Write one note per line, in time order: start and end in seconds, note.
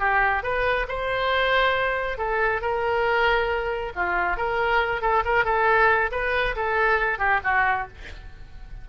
0.00 0.43 G4
0.43 0.87 B4
0.89 2.18 C5
2.18 2.62 A4
2.62 3.93 A#4
3.96 4.38 F4
4.38 5.02 A#4
5.02 5.24 A4
5.26 5.45 A#4
5.45 6.11 A4
6.12 6.56 B4
6.56 7.19 A4
7.19 7.41 G4
7.44 7.88 F#4